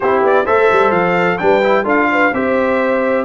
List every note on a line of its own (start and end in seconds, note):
0.00 0.22 C4
0.00 0.45 E4
0.00 0.44 G4
0.00 0.23 C5
0.22 0.45 B3
0.22 0.46 D5
0.44 0.69 A3
0.44 1.38 A4
0.44 1.37 C5
0.44 0.91 E5
0.71 0.91 G3
0.91 1.37 F3
0.91 1.37 F5
1.38 1.85 G3
1.38 1.62 D4
1.38 1.83 B4
1.38 1.84 G5
1.63 1.84 E4
1.83 2.31 D4
1.83 2.31 F4
1.83 2.07 A4
1.83 2.33 F5
2.11 2.33 B4
2.33 3.24 C4
2.33 3.24 G4
2.33 3.24 C5
2.33 3.24 E5